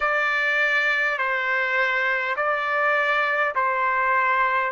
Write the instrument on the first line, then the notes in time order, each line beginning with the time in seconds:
trumpet
0.00 D5
1.18 C5
2.36 D5
3.55 C5